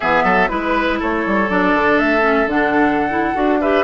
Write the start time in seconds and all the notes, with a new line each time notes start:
0.00 E3 B3 G#4 E5
0.23 F#3 A4
0.48 G#3 E4 B4
0.99 A3 A4 C#5
1.26 G3
1.49 F#3 D4 D5
1.73 D3
1.98 A3 E5
2.21 C#4
2.45 D3 D4 F#5
3.09 E4
3.34 D4 F#4
3.61 G4 B4 E5